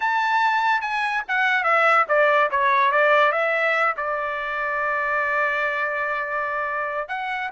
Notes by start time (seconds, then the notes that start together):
0.00 A5
0.81 G#5
1.27 F#5
1.63 E5
2.08 D5
2.50 C#5
2.91 D5
3.32 E5
3.96 D5
7.08 F#5